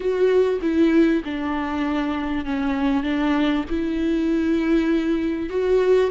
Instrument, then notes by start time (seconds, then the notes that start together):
viola
0.00 F#4
0.61 E4
1.24 D4
2.45 C#4
3.03 D4
3.69 E4
5.49 F#4